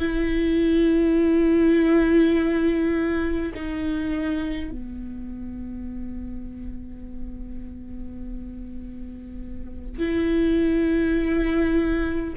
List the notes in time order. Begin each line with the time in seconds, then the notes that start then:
0.00 E4
3.55 D#4
4.71 B3
9.99 E4